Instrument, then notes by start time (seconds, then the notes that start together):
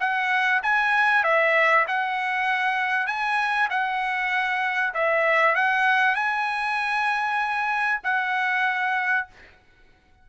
trumpet
0.00 F#5
0.63 G#5
1.24 E5
1.88 F#5
3.07 G#5
3.70 F#5
4.94 E5
5.55 F#5
6.15 G#5
8.04 F#5